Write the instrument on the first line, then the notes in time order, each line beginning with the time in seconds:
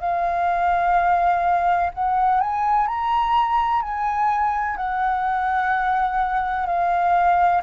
flute
0.00 F5
1.94 F#5
2.40 G#5
2.87 A#5
3.82 G#5
4.76 F#5
6.66 F5